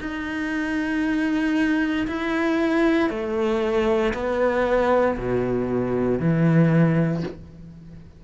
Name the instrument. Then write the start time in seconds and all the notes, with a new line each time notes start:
cello
0.00 D#4
2.07 E4
3.10 A3
4.13 B3
5.17 B2
6.19 E3